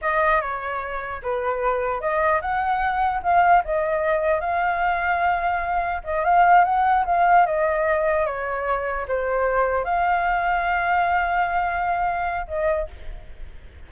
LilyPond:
\new Staff \with { instrumentName = "flute" } { \time 4/4 \tempo 4 = 149 dis''4 cis''2 b'4~ | b'4 dis''4 fis''2 | f''4 dis''2 f''4~ | f''2. dis''8 f''8~ |
f''8 fis''4 f''4 dis''4.~ | dis''8 cis''2 c''4.~ | c''8 f''2.~ f''8~ | f''2. dis''4 | }